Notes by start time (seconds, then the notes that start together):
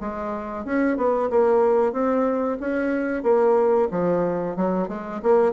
0.00 G#3
0.65 C#4
0.97 B3
1.30 A#3
1.92 C4
2.60 C#4
3.23 A#3
3.90 F3
4.56 F#3
4.88 G#3
5.22 A#3